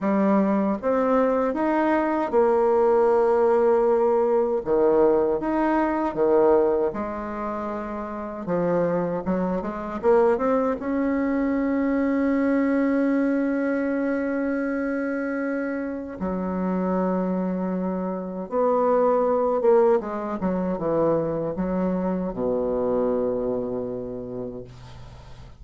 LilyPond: \new Staff \with { instrumentName = "bassoon" } { \time 4/4 \tempo 4 = 78 g4 c'4 dis'4 ais4~ | ais2 dis4 dis'4 | dis4 gis2 f4 | fis8 gis8 ais8 c'8 cis'2~ |
cis'1~ | cis'4 fis2. | b4. ais8 gis8 fis8 e4 | fis4 b,2. | }